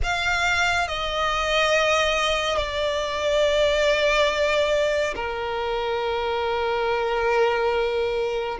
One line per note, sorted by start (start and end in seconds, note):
0.03 0.88 F5
0.88 2.57 D#5
2.57 5.14 D5
5.15 8.58 A#4